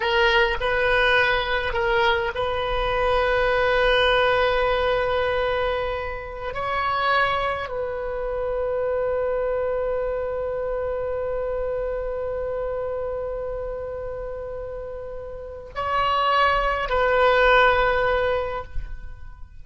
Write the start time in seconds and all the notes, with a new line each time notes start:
0.00 A#4
0.60 B4
1.73 A#4
2.34 B4
6.53 C#5
7.68 B4
15.75 C#5
16.89 B4